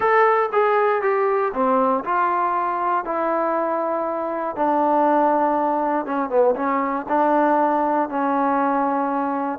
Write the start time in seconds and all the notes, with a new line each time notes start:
0.00 A4
0.52 G#4
1.02 G4
1.53 C4
2.04 F4
3.04 E4
4.56 D4
6.05 C#4
6.29 B3
6.55 C#4
7.08 D4
8.09 C#4